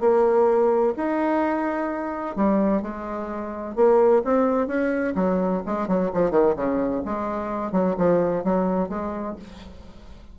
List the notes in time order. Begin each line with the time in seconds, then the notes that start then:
0.00 A#3
0.97 D#4
2.36 G3
2.82 G#3
3.76 A#3
4.24 C4
4.67 C#4
5.15 F#3
5.66 G#3
5.88 F#3
6.14 F3
6.31 D#3
6.56 C#3
7.05 G#3
7.72 F#3
7.98 F3
8.44 F#3
8.89 G#3